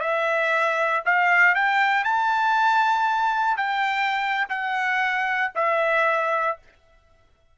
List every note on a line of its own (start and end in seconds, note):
0.00 1.03 E5
1.05 1.55 F5
1.55 2.04 G5
2.04 3.57 A5
3.57 4.47 G5
4.49 5.52 F#5
5.55 6.58 E5